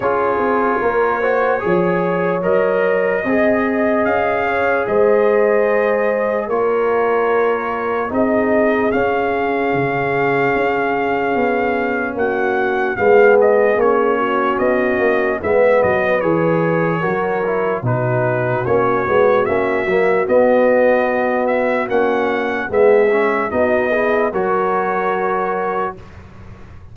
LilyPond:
<<
  \new Staff \with { instrumentName = "trumpet" } { \time 4/4 \tempo 4 = 74 cis''2. dis''4~ | dis''4 f''4 dis''2 | cis''2 dis''4 f''4~ | f''2. fis''4 |
f''8 dis''8 cis''4 dis''4 e''8 dis''8 | cis''2 b'4 cis''4 | e''4 dis''4. e''8 fis''4 | e''4 dis''4 cis''2 | }
  \new Staff \with { instrumentName = "horn" } { \time 4/4 gis'4 ais'8 c''8 cis''2 | dis''4. cis''8 c''2 | ais'2 gis'2~ | gis'2. fis'4 |
gis'4. fis'4. b'4~ | b'4 ais'4 fis'2~ | fis'1 | gis'4 fis'8 gis'8 ais'2 | }
  \new Staff \with { instrumentName = "trombone" } { \time 4/4 f'4. fis'8 gis'4 ais'4 | gis'1 | f'2 dis'4 cis'4~ | cis'1 |
b4 cis'2 b4 | gis'4 fis'8 e'8 dis'4 cis'8 b8 | cis'8 ais8 b2 cis'4 | b8 cis'8 dis'8 e'8 fis'2 | }
  \new Staff \with { instrumentName = "tuba" } { \time 4/4 cis'8 c'8 ais4 f4 fis4 | c'4 cis'4 gis2 | ais2 c'4 cis'4 | cis4 cis'4 b4 ais4 |
gis4 ais4 b8 ais8 gis8 fis8 | e4 fis4 b,4 ais8 gis8 | ais8 fis8 b2 ais4 | gis4 b4 fis2 | }
>>